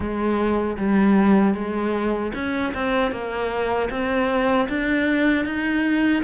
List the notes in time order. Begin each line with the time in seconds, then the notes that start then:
0.00 G#3
0.77 G3
1.54 G#3
2.34 C#4
2.74 C4
3.11 A#3
3.90 C4
4.68 D4
5.45 D#4